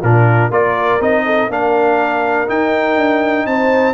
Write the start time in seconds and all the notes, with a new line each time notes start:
0.00 A#2 D4 F4 A#4
0.49 A#3 F4 A#4 D5
1.00 C4 D#4 D#5
1.26 A4
1.48 A#3 D4 A#4 F5
2.47 D#4 G5
2.96 D4
3.46 C4 C5 A5